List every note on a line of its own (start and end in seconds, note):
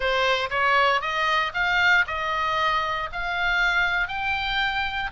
0.00 0.49 C5
0.49 1.01 C#5
1.01 1.52 D#5
1.53 2.05 F5
2.07 3.09 D#5
3.12 4.08 F5
4.08 5.10 G5